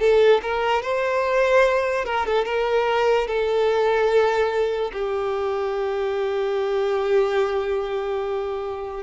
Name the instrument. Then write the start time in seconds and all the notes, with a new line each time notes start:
violin
0.00 A4
0.42 A#4
0.82 C5
2.05 A#4
2.26 A4
2.45 A#4
3.27 A4
4.93 G4